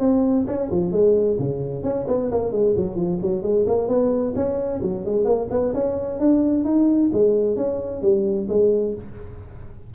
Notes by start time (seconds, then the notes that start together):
0.00 C4
0.47 C#4
0.71 F3
0.92 G#3
1.39 C#3
1.84 C#4
2.08 B3
2.32 A#3
2.52 G#3
2.77 F#3
2.96 F3
3.22 F#3
3.43 G#3
3.67 A#3
3.88 B3
4.36 C#4
4.83 F#3
5.05 G#3
5.25 A#3
5.51 B3
5.74 C#4
6.20 D4
6.65 D#4
7.13 G#3
7.57 C#4
8.02 G3
8.49 G#3